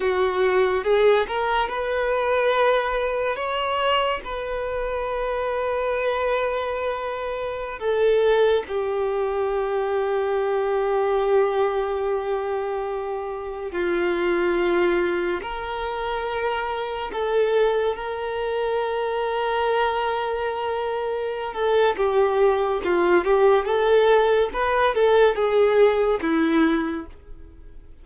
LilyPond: \new Staff \with { instrumentName = "violin" } { \time 4/4 \tempo 4 = 71 fis'4 gis'8 ais'8 b'2 | cis''4 b'2.~ | b'4~ b'16 a'4 g'4.~ g'16~ | g'1~ |
g'16 f'2 ais'4.~ ais'16~ | ais'16 a'4 ais'2~ ais'8.~ | ais'4. a'8 g'4 f'8 g'8 | a'4 b'8 a'8 gis'4 e'4 | }